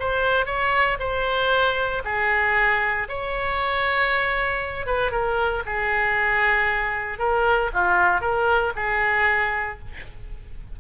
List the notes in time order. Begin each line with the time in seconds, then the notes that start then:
0.00 C5
0.46 C#5
0.99 C5
2.05 G#4
3.09 C#5
4.86 B4
5.12 A#4
5.66 G#4
7.19 A#4
7.74 F4
8.21 A#4
8.76 G#4